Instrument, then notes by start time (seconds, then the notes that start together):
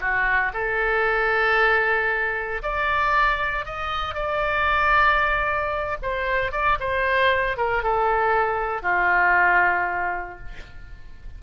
oboe
0.00 F#4
0.53 A4
2.63 D5
3.65 D#5
4.15 D5
6.02 C5
6.52 D5
6.80 C5
7.57 A#4
7.83 A4
8.82 F4